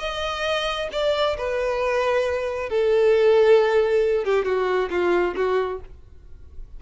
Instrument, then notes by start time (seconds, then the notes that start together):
violin
0.00 D#5
0.93 D5
1.38 B4
2.70 A4
4.25 G4
4.45 F#4
4.91 F4
5.36 F#4